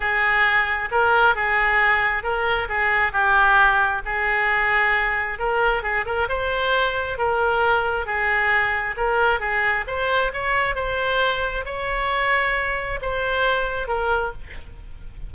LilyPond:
\new Staff \with { instrumentName = "oboe" } { \time 4/4 \tempo 4 = 134 gis'2 ais'4 gis'4~ | gis'4 ais'4 gis'4 g'4~ | g'4 gis'2. | ais'4 gis'8 ais'8 c''2 |
ais'2 gis'2 | ais'4 gis'4 c''4 cis''4 | c''2 cis''2~ | cis''4 c''2 ais'4 | }